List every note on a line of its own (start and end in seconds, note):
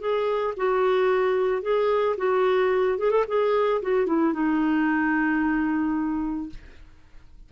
0.00 0.54 G#4
0.57 1.62 F#4
1.62 2.16 G#4
2.17 2.98 F#4
2.99 3.11 G#4
3.11 3.24 A4
3.28 3.82 G#4
3.82 4.06 F#4
4.06 4.33 E4
4.33 6.50 D#4